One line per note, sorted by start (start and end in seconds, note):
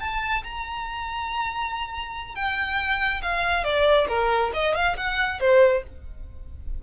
0.00 0.43 A5
0.43 2.35 A#5
2.35 3.22 G5
3.22 3.64 F5
3.64 4.07 D5
4.08 4.51 A#4
4.53 4.75 D#5
4.75 4.96 F5
4.97 5.40 F#5
5.40 5.83 C5